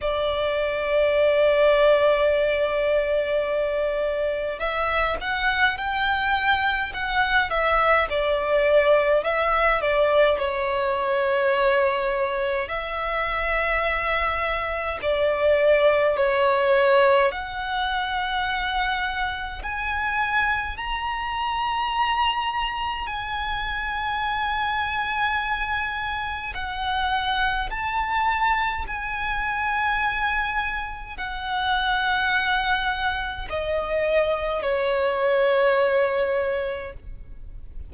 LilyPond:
\new Staff \with { instrumentName = "violin" } { \time 4/4 \tempo 4 = 52 d''1 | e''8 fis''8 g''4 fis''8 e''8 d''4 | e''8 d''8 cis''2 e''4~ | e''4 d''4 cis''4 fis''4~ |
fis''4 gis''4 ais''2 | gis''2. fis''4 | a''4 gis''2 fis''4~ | fis''4 dis''4 cis''2 | }